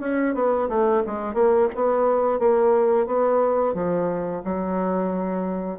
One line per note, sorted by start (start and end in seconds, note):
0.00 0.34 C#4
0.34 0.68 B3
0.68 1.03 A3
1.06 1.34 G#3
1.34 1.68 A#3
1.75 2.39 B3
2.39 3.06 A#3
3.06 3.74 B3
3.74 4.42 F3
4.44 5.79 F#3